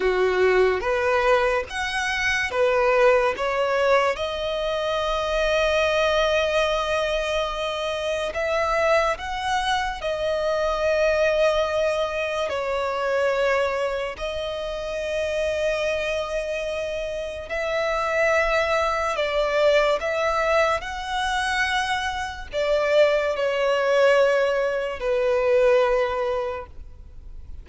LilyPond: \new Staff \with { instrumentName = "violin" } { \time 4/4 \tempo 4 = 72 fis'4 b'4 fis''4 b'4 | cis''4 dis''2.~ | dis''2 e''4 fis''4 | dis''2. cis''4~ |
cis''4 dis''2.~ | dis''4 e''2 d''4 | e''4 fis''2 d''4 | cis''2 b'2 | }